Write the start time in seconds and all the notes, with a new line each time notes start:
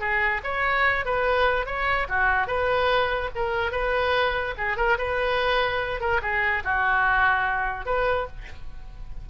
0.00 G#4
0.44 C#5
1.05 B4
1.66 C#5
2.09 F#4
2.47 B4
3.36 A#4
3.72 B4
4.58 G#4
4.77 A#4
4.98 B4
6.00 A#4
6.22 G#4
6.64 F#4
7.86 B4